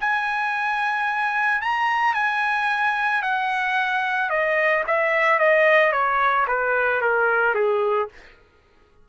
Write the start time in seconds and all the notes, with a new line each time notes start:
0.00 G#5
1.61 A#5
2.14 G#5
3.22 F#5
4.29 D#5
4.86 E5
5.39 D#5
5.92 C#5
6.47 B4
7.01 A#4
7.54 G#4